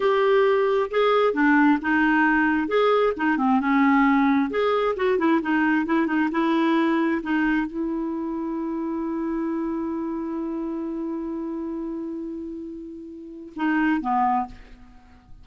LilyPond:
\new Staff \with { instrumentName = "clarinet" } { \time 4/4 \tempo 4 = 133 g'2 gis'4 d'4 | dis'2 gis'4 dis'8 c'8 | cis'2 gis'4 fis'8 e'8 | dis'4 e'8 dis'8 e'2 |
dis'4 e'2.~ | e'1~ | e'1~ | e'2 dis'4 b4 | }